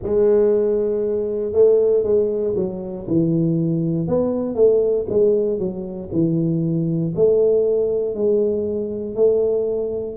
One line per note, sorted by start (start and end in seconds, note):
0.02 1.52 G#3
1.52 2.03 A3
2.03 2.54 G#3
2.55 3.06 F#3
3.07 4.07 E3
4.07 4.55 B3
4.55 5.06 A3
5.08 5.58 G#3
5.58 6.09 F#3
6.12 7.14 E3
7.15 8.14 A3
8.14 9.15 G#3
9.15 10.16 A3